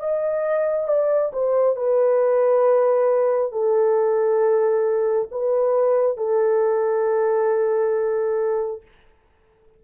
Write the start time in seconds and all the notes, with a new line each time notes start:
0.00 D#5
0.88 D5
1.33 C5
1.76 B4
3.53 A4
5.32 B4
6.18 A4